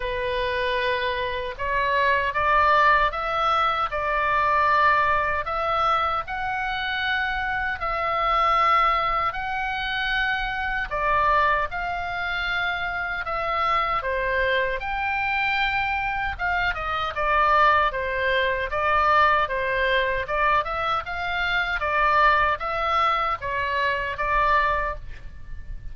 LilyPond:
\new Staff \with { instrumentName = "oboe" } { \time 4/4 \tempo 4 = 77 b'2 cis''4 d''4 | e''4 d''2 e''4 | fis''2 e''2 | fis''2 d''4 f''4~ |
f''4 e''4 c''4 g''4~ | g''4 f''8 dis''8 d''4 c''4 | d''4 c''4 d''8 e''8 f''4 | d''4 e''4 cis''4 d''4 | }